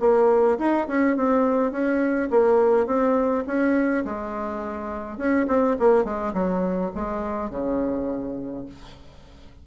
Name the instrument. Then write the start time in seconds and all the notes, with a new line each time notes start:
bassoon
0.00 A#3
0.58 D#4
0.88 C#4
1.16 C4
1.71 C#4
2.30 A#3
2.86 C4
3.47 C#4
4.05 G#3
5.17 C#4
5.47 C4
5.79 A#3
6.04 G#3
6.33 F#3
6.94 G#3
7.50 C#3